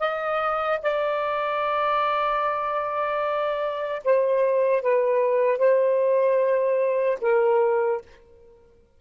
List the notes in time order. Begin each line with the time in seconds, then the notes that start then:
0.00 D#5
0.83 D5
4.05 C5
4.82 B4
5.59 C5
7.21 A#4